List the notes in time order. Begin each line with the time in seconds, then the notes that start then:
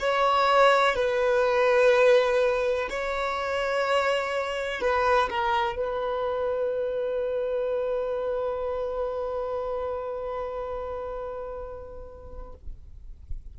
0.00 C#5
0.95 B4
2.90 C#5
4.81 B4
5.30 A#4
5.77 B4